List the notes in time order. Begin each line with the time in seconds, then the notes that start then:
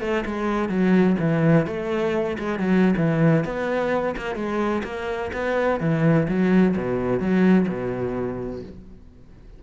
0.00 A3
0.26 G#3
0.69 F#3
1.19 E3
1.66 A3
2.38 G#3
2.59 F#3
2.97 E3
3.44 B3
4.17 A#3
4.35 G#3
4.84 A#3
5.33 B3
5.80 E3
6.28 F#3
6.76 B2
7.20 F#3
7.68 B2